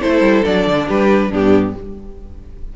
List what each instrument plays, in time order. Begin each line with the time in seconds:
0.00 cello A3, viola E4, violin A4 C5
0.21 cello G3
0.45 cello F#3, viola D4, violin D5
0.67 cello D3
0.87 cello G3, violin G4 B4
1.30 cello G2, viola B3, violin D4 G4